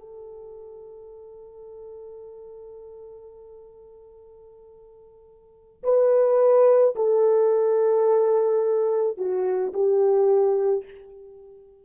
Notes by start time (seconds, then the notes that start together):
0.00 A4
5.84 B4
6.96 A4
9.18 F#4
9.74 G4